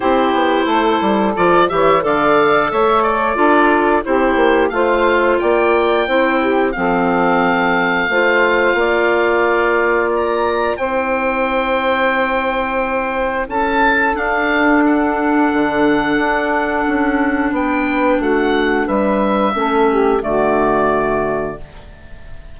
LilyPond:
<<
  \new Staff \with { instrumentName = "oboe" } { \time 4/4 \tempo 4 = 89 c''2 d''8 e''8 f''4 | e''8 d''4. c''4 f''4 | g''2 f''2~ | f''2. ais''4 |
g''1 | a''4 f''4 fis''2~ | fis''2 g''4 fis''4 | e''2 d''2 | }
  \new Staff \with { instrumentName = "saxophone" } { \time 4/4 g'4 a'4. cis''8 d''4 | cis''4 a'4 g'4 c''4 | d''4 c''8 g'8 a'2 | c''4 d''2. |
c''1 | a'1~ | a'2 b'4 fis'4 | b'4 a'8 g'8 fis'2 | }
  \new Staff \with { instrumentName = "clarinet" } { \time 4/4 e'2 f'8 g'8 a'4~ | a'4 f'4 e'4 f'4~ | f'4 e'4 c'2 | f'1 |
e'1~ | e'4 d'2.~ | d'1~ | d'4 cis'4 a2 | }
  \new Staff \with { instrumentName = "bassoon" } { \time 4/4 c'8 b8 a8 g8 f8 e8 d4 | a4 d'4 c'8 ais8 a4 | ais4 c'4 f2 | a4 ais2. |
c'1 | cis'4 d'2 d4 | d'4 cis'4 b4 a4 | g4 a4 d2 | }
>>